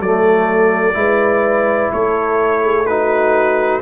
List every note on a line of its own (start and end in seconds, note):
0.00 0.95 F#3
0.00 0.94 A3
0.00 0.97 A4
0.00 1.92 D5
0.94 1.91 G#3
0.94 2.84 E4
0.94 1.93 B4
1.93 3.82 A3
1.93 2.62 A4
1.93 2.86 C#5
2.62 2.86 G#4
2.86 3.82 D#4
2.86 3.82 F#4
2.86 3.81 B4